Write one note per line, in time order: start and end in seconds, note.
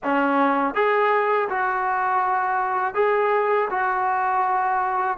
0.03 0.74 C#4
0.74 1.48 G#4
1.49 2.94 F#4
2.94 3.68 G#4
3.70 5.17 F#4